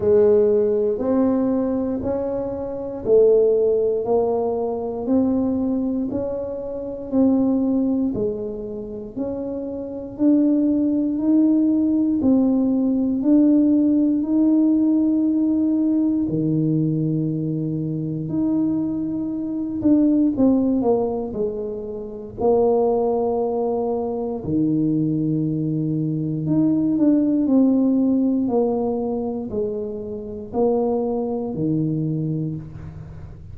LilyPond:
\new Staff \with { instrumentName = "tuba" } { \time 4/4 \tempo 4 = 59 gis4 c'4 cis'4 a4 | ais4 c'4 cis'4 c'4 | gis4 cis'4 d'4 dis'4 | c'4 d'4 dis'2 |
dis2 dis'4. d'8 | c'8 ais8 gis4 ais2 | dis2 dis'8 d'8 c'4 | ais4 gis4 ais4 dis4 | }